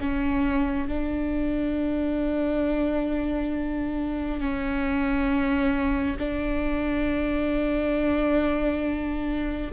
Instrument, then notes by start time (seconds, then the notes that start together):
viola
0.00 C#4
0.88 D4
4.40 C#4
6.18 D4